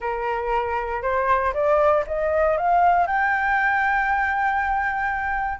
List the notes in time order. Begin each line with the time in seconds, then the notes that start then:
0.00 A#4
1.02 C5
1.53 D5
2.06 D#5
2.57 F5
3.06 G5